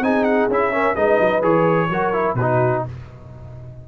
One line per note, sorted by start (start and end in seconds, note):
0.00 0.47 C4
0.00 0.50 D#4
0.00 0.73 G#4
0.00 0.24 G#5
0.24 0.47 F#5
0.48 0.95 C#4
0.48 0.72 E4
0.48 0.95 E5
0.72 0.95 C#4
0.72 0.94 A#4
0.94 1.19 G#3
0.94 1.41 D#4
0.94 1.88 B4
0.94 1.42 D#5
1.20 1.43 F#3
1.41 1.89 E3
1.41 1.88 G#4
1.41 2.35 C#5
1.89 2.34 F#3
1.89 2.13 F#4
1.89 2.36 A#4
2.13 2.36 E4
2.34 2.81 B2
2.34 2.84 F#4
2.34 2.82 B4
2.41 2.88 D#4